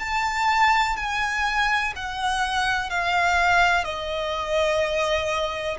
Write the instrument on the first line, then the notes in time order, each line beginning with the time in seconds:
violin
0.00 A5
0.97 G#5
1.96 F#5
2.90 F5
3.84 D#5